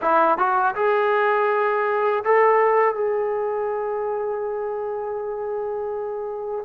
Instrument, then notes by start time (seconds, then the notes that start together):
trombone
0.01 E4
0.37 F#4
0.75 G#4
2.24 A4
2.95 G#4